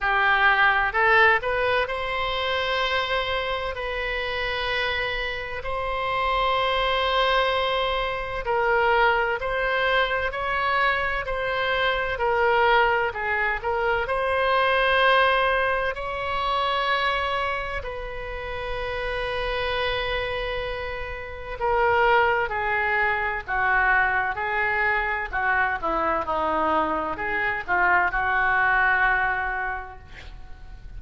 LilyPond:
\new Staff \with { instrumentName = "oboe" } { \time 4/4 \tempo 4 = 64 g'4 a'8 b'8 c''2 | b'2 c''2~ | c''4 ais'4 c''4 cis''4 | c''4 ais'4 gis'8 ais'8 c''4~ |
c''4 cis''2 b'4~ | b'2. ais'4 | gis'4 fis'4 gis'4 fis'8 e'8 | dis'4 gis'8 f'8 fis'2 | }